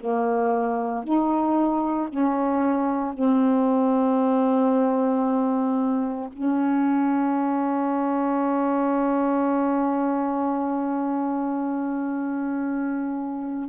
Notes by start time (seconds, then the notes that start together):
0.00 A#3
1.04 D#4
2.10 C#4
3.14 C4
6.33 C#4